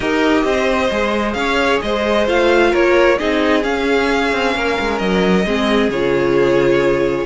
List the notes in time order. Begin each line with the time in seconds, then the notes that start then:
0.00 D#4 G4 A#4 D#5
0.44 C4 C5
0.91 G#3 G#4
1.33 C#4 C#5 F5
1.81 G#3 C5 D#5
2.27 A3 F4 F5
2.71 A#3 A#4 C#5
3.18 C4 D#4 G#4 D#5
3.63 C#4 F5
4.32 C4
4.55 A#3 A#4
4.80 G#3
4.98 F#3 D#5
5.45 G#3 C4 G#4
5.89 C#3 F4 C#5